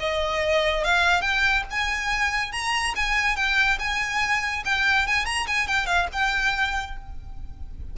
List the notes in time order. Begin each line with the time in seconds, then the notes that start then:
0.00 D#5
0.85 F5
1.21 G5
1.71 G#5
2.52 A#5
2.96 G#5
3.36 G5
3.79 G#5
4.65 G5
5.07 G#5
5.26 A#5
5.47 G#5
5.68 G5
5.86 F5
6.13 G5